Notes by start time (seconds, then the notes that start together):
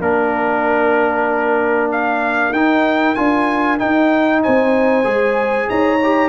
0.00 A#3 D4 A#4
1.92 F5
2.51 D#4 G5
3.15 D4 F4 G#5
3.79 D#4 G5
4.42 C4 C5 G#5
5.04 G#3 G#4
5.69 D#4 C#5 A#5
6.03 G4